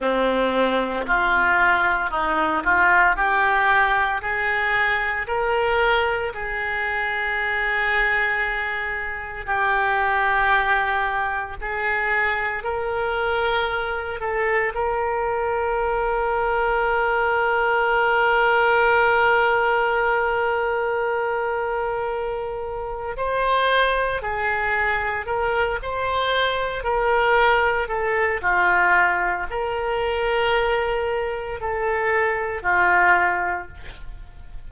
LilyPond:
\new Staff \with { instrumentName = "oboe" } { \time 4/4 \tempo 4 = 57 c'4 f'4 dis'8 f'8 g'4 | gis'4 ais'4 gis'2~ | gis'4 g'2 gis'4 | ais'4. a'8 ais'2~ |
ais'1~ | ais'2 c''4 gis'4 | ais'8 c''4 ais'4 a'8 f'4 | ais'2 a'4 f'4 | }